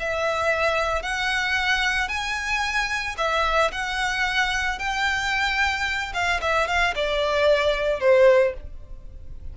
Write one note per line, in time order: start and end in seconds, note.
0.00 1.03 E5
1.03 2.09 F#5
2.09 3.16 G#5
3.18 3.72 E5
3.72 4.79 F#5
4.79 6.13 G5
6.14 6.41 F5
6.42 6.68 E5
6.68 6.95 F5
6.96 8.01 D5
8.01 8.54 C5